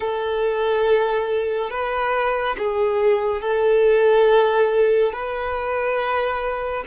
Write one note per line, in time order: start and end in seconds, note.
0.00 1.70 A4
1.70 2.56 B4
2.58 3.41 G#4
3.41 5.12 A4
5.12 6.84 B4